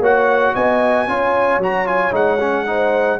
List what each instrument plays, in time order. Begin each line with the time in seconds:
0.00 tuba A#3, trombone F#4, horn C#5, trumpet F#5
0.54 tuba B3, horn D#5, trumpet G#5
1.08 tuba C#4, trombone F4, horn C#5
1.58 tuba F#3, trombone F#4, trumpet A#5
1.87 trombone F4, trumpet G#5
2.12 tuba G#3, trombone D#4, trumpet F#5
2.40 trombone C#4
2.66 trombone D#4, horn C5